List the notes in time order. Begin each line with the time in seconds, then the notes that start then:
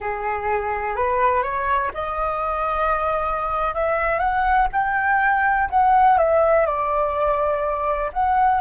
0.00 G#4
0.95 B4
1.43 C#5
1.94 D#5
3.74 E5
4.19 F#5
4.72 G5
5.70 F#5
6.17 E5
6.66 D5
8.12 F#5